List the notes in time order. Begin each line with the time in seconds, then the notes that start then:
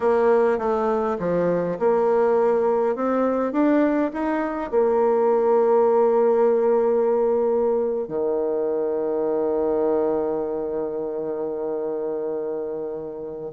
0.00 A#3
0.58 A3
1.19 F3
1.79 A#3
2.95 C4
3.52 D4
4.13 D#4
4.70 A#3
8.07 D#3